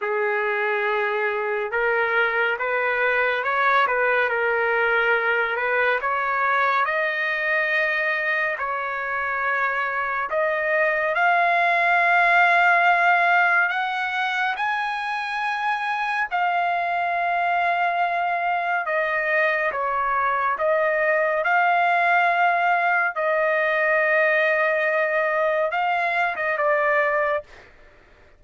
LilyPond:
\new Staff \with { instrumentName = "trumpet" } { \time 4/4 \tempo 4 = 70 gis'2 ais'4 b'4 | cis''8 b'8 ais'4. b'8 cis''4 | dis''2 cis''2 | dis''4 f''2. |
fis''4 gis''2 f''4~ | f''2 dis''4 cis''4 | dis''4 f''2 dis''4~ | dis''2 f''8. dis''16 d''4 | }